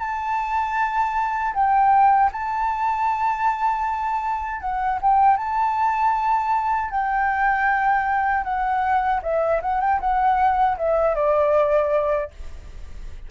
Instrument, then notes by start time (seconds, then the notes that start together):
flute
0.00 A5
1.55 G5
2.33 A5
4.61 F#5
5.02 G5
5.38 A5
6.91 G5
8.44 F#5
9.23 E5
9.62 F#5
9.81 G5
10.01 F#5
10.78 E5
11.16 D5